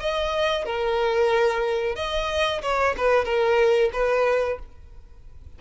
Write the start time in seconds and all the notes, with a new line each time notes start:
0.00 D#5
0.65 A#4
1.96 D#5
2.62 C#5
2.97 B4
3.25 A#4
3.93 B4